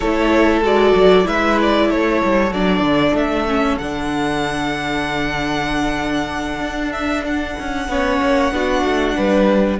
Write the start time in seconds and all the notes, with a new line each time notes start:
0.00 A3 E4 A4 C#5
0.61 G#3 F#4 D5
0.94 F#3
1.23 G#3 E4 B4 E5
1.61 D5
1.88 A3 A4 C#5
2.23 G3
2.51 F#3 D4 D5
2.79 D3
3.14 A3 E5
3.47 C#4
3.78 D3 D4 F#5
6.60 D4
6.92 E5
7.26 F#5
7.59 C#4
7.88 B3 C#4 C#5
8.21 A#3
8.51 B3 D4 F#4
8.84 A3
9.16 G3 B4